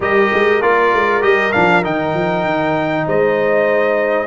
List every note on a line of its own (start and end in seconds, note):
0.00 0.30 G3
0.00 0.62 G4
0.00 3.05 A#4
0.00 0.62 D#5
0.33 0.62 G#3
0.62 0.93 A#3
0.62 1.21 F4
0.62 1.22 D5
0.93 1.23 G#3
1.21 1.53 G3
1.21 1.52 G4
1.21 1.52 D#5
1.52 1.85 F3
1.52 1.83 D4
1.52 1.83 F5
1.83 2.14 D#3
1.83 4.27 D#4
1.83 3.07 G5
2.14 2.44 F3
2.44 3.05 D#3
3.06 4.27 G#3
3.06 4.27 C5
3.06 4.27 D#5